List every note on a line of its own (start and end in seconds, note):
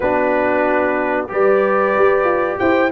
0.00 1.29 B3
0.00 1.28 D4
0.00 1.29 F#4
0.00 1.26 B4
1.28 1.95 G3
1.28 2.89 G4
1.28 2.59 B4
1.28 2.58 D5
1.98 2.24 G4
2.24 2.56 F4
2.58 2.91 E4
2.58 2.91 C5
2.58 2.91 G5